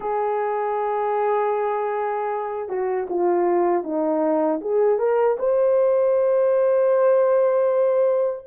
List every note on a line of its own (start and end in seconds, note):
0.00 2.69 G#4
2.69 3.07 F#4
3.09 3.83 F4
3.83 4.60 D#4
4.61 4.98 G#4
4.98 5.37 A#4
5.38 8.46 C5